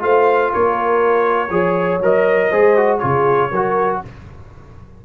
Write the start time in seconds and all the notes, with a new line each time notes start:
0.00 A3 F4 C5 F5
0.53 A#3 A#4 C#5
1.50 F3 G#4 C#5
2.01 F#3 A#4 D#5
2.50 G#3 G#4 C5
2.77 F#4
2.98 C#3 F4 G#4 C#5
3.51 F#3 F#4 A#4